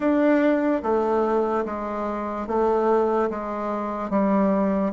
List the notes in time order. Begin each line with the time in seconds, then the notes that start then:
0.00 D4
0.82 A3
1.65 G#3
2.47 A3
3.30 G#3
4.10 G3